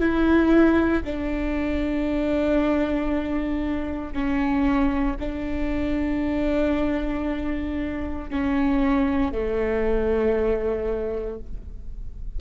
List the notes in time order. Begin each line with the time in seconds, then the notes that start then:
0.00 E4
1.04 D4
4.13 C#4
5.20 D4
8.30 C#4
9.32 A3